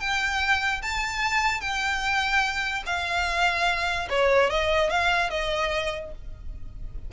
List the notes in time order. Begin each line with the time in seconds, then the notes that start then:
0.00 G5
0.82 A5
1.61 G5
2.86 F5
4.10 C#5
4.50 D#5
4.90 F5
5.30 D#5